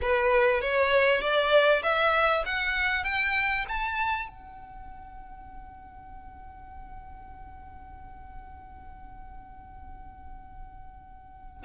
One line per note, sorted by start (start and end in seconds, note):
0.01 0.61 B4
0.61 1.21 C#5
1.21 1.82 D5
1.82 2.44 E5
2.45 3.04 F#5
3.04 3.65 G5
3.68 4.28 A5
4.28 11.63 F#5